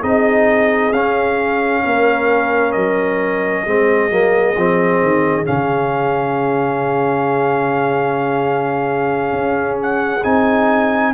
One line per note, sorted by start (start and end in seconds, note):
0.00 0.92 C4
0.00 0.93 D#4
0.00 1.82 G#4
0.00 0.93 D#5
0.92 1.83 C#4
0.92 3.67 C#4
0.92 2.72 F5
1.84 2.76 A#3
1.84 3.65 A#4
2.72 3.67 F#3
2.72 5.45 D#5
3.66 4.11 G#3
3.66 4.10 C4
3.66 11.14 G#4
4.10 4.56 F#3
4.10 4.56 A#3
4.56 5.02 F3
4.56 5.44 C4
5.02 5.47 D#3
5.44 9.33 C#3
5.44 10.21 C#4
5.44 9.78 F5
9.33 10.24 C#4
9.82 10.23 F#5
10.23 11.14 C4
10.23 11.14 D#4
10.23 11.14 G#5